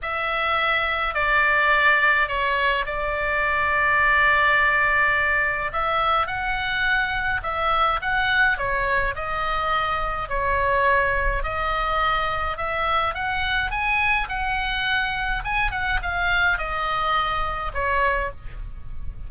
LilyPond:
\new Staff \with { instrumentName = "oboe" } { \time 4/4 \tempo 4 = 105 e''2 d''2 | cis''4 d''2.~ | d''2 e''4 fis''4~ | fis''4 e''4 fis''4 cis''4 |
dis''2 cis''2 | dis''2 e''4 fis''4 | gis''4 fis''2 gis''8 fis''8 | f''4 dis''2 cis''4 | }